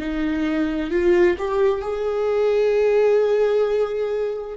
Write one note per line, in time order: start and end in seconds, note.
0.00 0.91 D#4
0.91 1.37 F4
1.38 1.82 G4
1.82 4.57 G#4